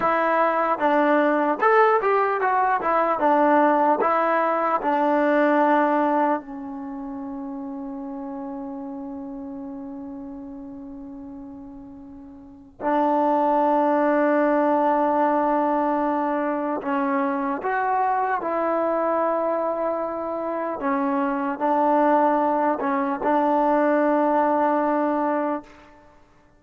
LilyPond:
\new Staff \with { instrumentName = "trombone" } { \time 4/4 \tempo 4 = 75 e'4 d'4 a'8 g'8 fis'8 e'8 | d'4 e'4 d'2 | cis'1~ | cis'1 |
d'1~ | d'4 cis'4 fis'4 e'4~ | e'2 cis'4 d'4~ | d'8 cis'8 d'2. | }